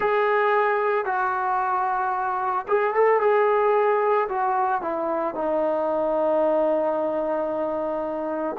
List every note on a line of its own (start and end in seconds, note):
0.00 1.05 G#4
1.05 2.65 F#4
2.68 2.94 G#4
2.94 3.20 A4
3.20 4.28 G#4
4.29 4.81 F#4
4.81 5.34 E4
5.34 8.56 D#4